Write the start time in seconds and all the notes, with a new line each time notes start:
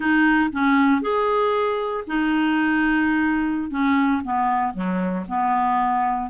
0.00 D#4
0.52 C#4
1.01 G#4
2.07 D#4
3.70 C#4
4.24 B3
4.73 F#3
5.28 B3